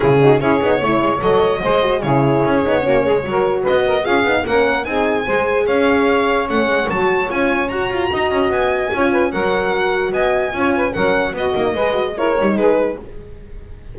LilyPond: <<
  \new Staff \with { instrumentName = "violin" } { \time 4/4 \tempo 4 = 148 gis'4 cis''2 dis''4~ | dis''4 cis''2.~ | cis''4 dis''4 f''4 fis''4 | gis''2 f''2 |
fis''4 a''4 gis''4 ais''4~ | ais''4 gis''2 fis''4~ | fis''4 gis''2 fis''4 | dis''2 cis''4 b'4 | }
  \new Staff \with { instrumentName = "saxophone" } { \time 4/4 e'8 fis'8 gis'4 cis''2 | c''4 gis'2 fis'8 gis'8 | ais'4 b'8 ais'8 gis'4 ais'4 | gis'4 c''4 cis''2~ |
cis''1 | dis''2 cis''8 b'8 ais'4~ | ais'4 dis''4 cis''8 b'8 ais'4 | fis'4 b'4 ais'4 gis'4 | }
  \new Staff \with { instrumentName = "horn" } { \time 4/4 cis'8 dis'8 e'8 dis'8 e'4 a'4 | gis'8 fis'8 e'4. dis'8 cis'4 | fis'2 f'8 dis'8 cis'4 | dis'4 gis'2. |
cis'4 fis'4 f'4 fis'4~ | fis'2 f'4 fis'4~ | fis'2 f'4 cis'4 | b8 dis'8 gis'8 fis'8 e'8 dis'4. | }
  \new Staff \with { instrumentName = "double bass" } { \time 4/4 cis4 cis'8 b8 a8 gis8 fis4 | gis4 cis4 cis'8 b8 ais8 gis8 | fis4 b4 cis'8 b8 ais4 | c'4 gis4 cis'2 |
a8 gis8 fis4 cis'4 fis'8 f'8 | dis'8 cis'8 b4 cis'4 fis4~ | fis4 b4 cis'4 fis4 | b8 ais8 gis4. g8 gis4 | }
>>